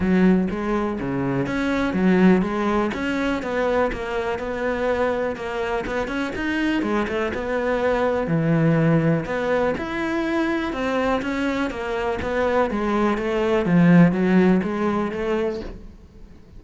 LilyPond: \new Staff \with { instrumentName = "cello" } { \time 4/4 \tempo 4 = 123 fis4 gis4 cis4 cis'4 | fis4 gis4 cis'4 b4 | ais4 b2 ais4 | b8 cis'8 dis'4 gis8 a8 b4~ |
b4 e2 b4 | e'2 c'4 cis'4 | ais4 b4 gis4 a4 | f4 fis4 gis4 a4 | }